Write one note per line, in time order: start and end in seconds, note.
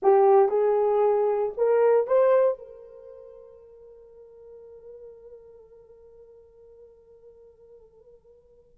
0.02 0.49 G4
0.49 1.52 G#4
1.57 2.07 A#4
2.07 2.58 C5
2.58 8.78 A#4